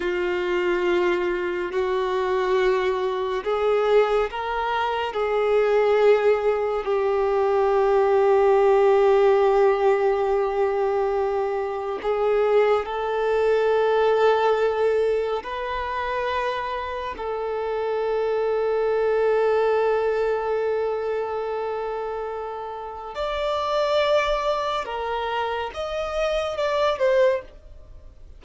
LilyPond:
\new Staff \with { instrumentName = "violin" } { \time 4/4 \tempo 4 = 70 f'2 fis'2 | gis'4 ais'4 gis'2 | g'1~ | g'2 gis'4 a'4~ |
a'2 b'2 | a'1~ | a'2. d''4~ | d''4 ais'4 dis''4 d''8 c''8 | }